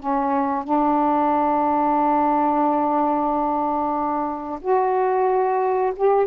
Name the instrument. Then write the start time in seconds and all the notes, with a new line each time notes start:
saxophone
0.00 C#4
0.64 D4
4.62 F#4
5.96 G4